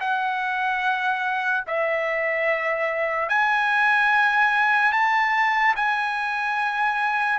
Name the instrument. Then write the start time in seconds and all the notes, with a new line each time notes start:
trumpet
0.00 F#5
1.67 E5
3.29 G#5
4.92 A5
5.76 G#5